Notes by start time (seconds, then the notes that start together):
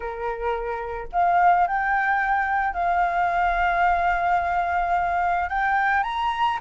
0.00 A#4
1.12 F5
1.67 G5
2.73 F5
5.49 G5
6.03 A#5